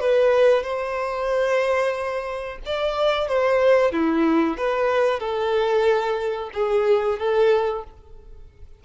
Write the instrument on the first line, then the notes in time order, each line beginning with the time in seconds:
violin
0.00 B4
0.63 C5
2.66 D5
3.28 C5
3.92 E4
4.57 B4
5.20 A4
6.54 G#4
7.19 A4